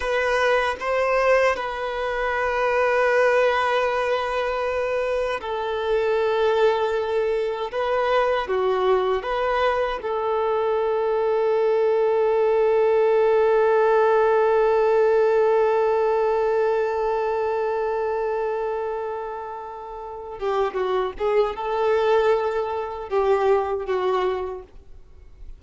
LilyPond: \new Staff \with { instrumentName = "violin" } { \time 4/4 \tempo 4 = 78 b'4 c''4 b'2~ | b'2. a'4~ | a'2 b'4 fis'4 | b'4 a'2.~ |
a'1~ | a'1~ | a'2~ a'8 g'8 fis'8 gis'8 | a'2 g'4 fis'4 | }